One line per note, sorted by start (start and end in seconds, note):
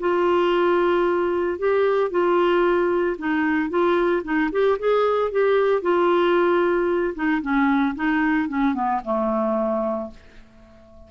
0.00 1.59 F4
1.59 2.11 G4
2.11 3.17 F4
3.18 3.70 D#4
3.70 4.23 F4
4.24 4.50 D#4
4.52 4.78 G4
4.79 5.31 G#4
5.31 5.82 G4
5.82 7.14 F4
7.15 7.42 D#4
7.42 7.95 C#4
7.95 8.49 D#4
8.49 8.74 C#4
8.74 9.01 B3
9.04 10.11 A3